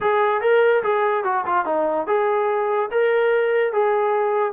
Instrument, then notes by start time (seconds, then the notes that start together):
trombone
0.00 G#4
0.41 A#4
0.83 G#4
1.24 F#4
1.46 F4
1.65 D#4
2.07 G#4
2.91 A#4
3.73 G#4